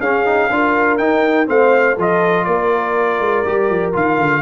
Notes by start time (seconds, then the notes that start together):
0.00 C#4 G#4 F5
0.26 D#4
0.50 D4 F4 A#4
0.98 D#4 G5
1.47 A3 C4 C5 F5
1.96 F3 F4 A4 D#5
2.45 A#3 A#4 D5
3.20 G#3
3.45 G3 G4
3.70 F3
3.93 D#3 F4 F5
4.18 D3